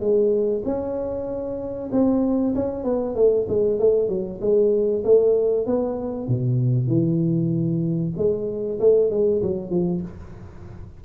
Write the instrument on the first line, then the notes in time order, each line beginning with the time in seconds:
tuba
0.00 G#3
0.65 C#4
1.91 C4
2.55 C#4
2.84 B3
3.15 A3
3.48 G#3
3.79 A3
4.08 F#3
4.41 G#3
5.04 A3
5.66 B3
6.28 B2
6.87 E3
8.17 G#3
8.80 A3
9.10 G#3
9.42 F#3
9.70 F3